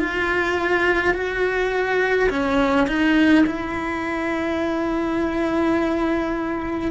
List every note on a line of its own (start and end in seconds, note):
0.00 1.14 F4
1.14 2.30 F#4
2.30 2.88 C#4
2.88 3.46 D#4
3.47 6.92 E4